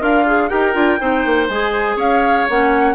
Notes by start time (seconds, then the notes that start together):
0.00 D4 F4 A#4 F5
0.27 G#4
0.49 D#4 G4 A#4 G5
0.74 D4 F4
0.99 C4 D#4 C5
1.26 A#3
1.49 G#3 G#4 G#5
1.96 C#4 C#5 F5
2.49 A#3 C#4 F#5